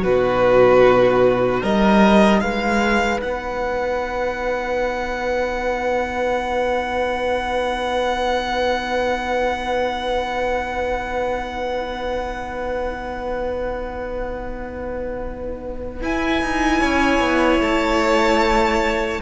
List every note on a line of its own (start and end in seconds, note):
0.00 1.63 B2
0.00 16.00 D#4
0.00 1.61 F#4
0.00 1.64 B4
1.61 2.42 G3
1.61 2.41 A#4
1.61 2.41 D#5
2.41 3.22 G#3
2.41 16.80 B4
2.41 3.21 F5
3.21 16.04 B3
3.21 16.01 F#5
16.01 19.21 E4
16.01 16.42 E4
16.01 17.62 G#5
16.42 16.82 D#4
16.80 17.20 C#4
16.80 19.20 C#5
17.20 17.60 B3
17.60 19.20 A3
17.60 19.21 A5